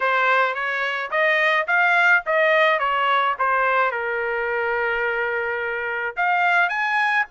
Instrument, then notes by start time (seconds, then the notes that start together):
trumpet
0.00 C5
0.54 C#5
1.11 D#5
1.67 F5
2.26 D#5
2.79 C#5
3.38 C5
3.91 A#4
6.16 F5
6.69 G#5